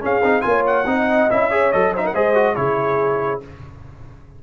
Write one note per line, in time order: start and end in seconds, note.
0.00 0.21 C#4
0.00 0.22 C#4
0.00 0.43 G#4
0.00 0.41 F5
0.22 0.43 C4
0.22 0.41 D#4
0.41 0.85 A#3
0.41 0.84 F4
0.41 0.62 G#5
0.47 0.86 C#5
0.66 1.30 F#5
0.85 1.27 C4
0.85 1.29 D#4
0.85 1.49 D#5
1.30 1.73 C#4
1.30 1.50 E4
1.30 1.72 E5
1.49 1.72 G#4
1.49 1.92 C#5
1.72 2.14 F#3
1.72 1.94 A4
1.72 1.93 D#5
1.93 2.14 D#4
1.93 2.03 C5
1.93 2.06 E5
2.04 2.14 A#4
2.04 2.14 F#5
2.14 2.57 G#3
2.14 2.34 G#4
2.14 2.56 C5
2.14 2.55 D#5
2.34 2.55 F#4
2.55 3.42 C#3
2.55 3.40 E4
2.55 3.42 G#4
2.55 3.40 C#5